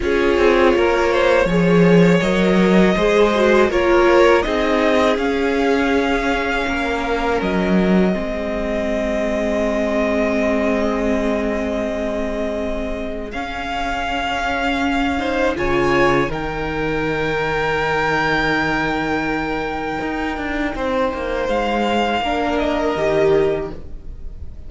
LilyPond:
<<
  \new Staff \with { instrumentName = "violin" } { \time 4/4 \tempo 4 = 81 cis''2. dis''4~ | dis''4 cis''4 dis''4 f''4~ | f''2 dis''2~ | dis''1~ |
dis''2 f''2~ | f''4 gis''4 g''2~ | g''1~ | g''4 f''4. dis''4. | }
  \new Staff \with { instrumentName = "violin" } { \time 4/4 gis'4 ais'8 c''8 cis''2 | c''4 ais'4 gis'2~ | gis'4 ais'2 gis'4~ | gis'1~ |
gis'1~ | gis'8 c''8 cis''4 ais'2~ | ais'1 | c''2 ais'2 | }
  \new Staff \with { instrumentName = "viola" } { \time 4/4 f'2 gis'4 ais'4 | gis'8 fis'8 f'4 dis'4 cis'4~ | cis'2. c'4~ | c'1~ |
c'2 cis'2~ | cis'8 dis'8 f'4 dis'2~ | dis'1~ | dis'2 d'4 g'4 | }
  \new Staff \with { instrumentName = "cello" } { \time 4/4 cis'8 c'8 ais4 f4 fis4 | gis4 ais4 c'4 cis'4~ | cis'4 ais4 fis4 gis4~ | gis1~ |
gis2 cis'2~ | cis'4 cis4 dis2~ | dis2. dis'8 d'8 | c'8 ais8 gis4 ais4 dis4 | }
>>